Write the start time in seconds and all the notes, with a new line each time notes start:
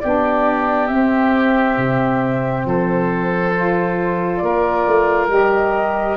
0.00 B3 D4 G4 D5
0.87 C4 E5
1.77 C3
2.65 F3 A4 C5
3.55 F4
4.37 A#3 D5
4.44 A#4
4.87 A3
5.28 G3 G4 D#5